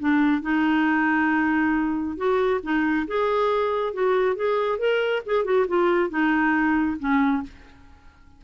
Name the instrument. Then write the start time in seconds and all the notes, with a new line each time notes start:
clarinet
0.00 D4
0.42 D#4
2.17 F#4
2.63 D#4
3.08 G#4
3.94 F#4
4.36 G#4
4.79 A#4
5.27 G#4
5.45 F#4
5.68 F4
6.10 D#4
7.00 C#4